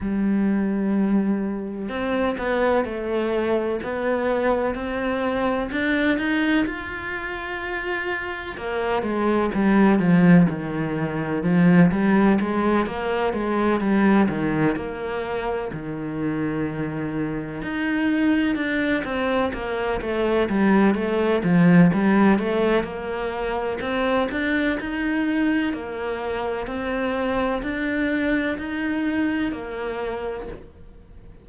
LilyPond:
\new Staff \with { instrumentName = "cello" } { \time 4/4 \tempo 4 = 63 g2 c'8 b8 a4 | b4 c'4 d'8 dis'8 f'4~ | f'4 ais8 gis8 g8 f8 dis4 | f8 g8 gis8 ais8 gis8 g8 dis8 ais8~ |
ais8 dis2 dis'4 d'8 | c'8 ais8 a8 g8 a8 f8 g8 a8 | ais4 c'8 d'8 dis'4 ais4 | c'4 d'4 dis'4 ais4 | }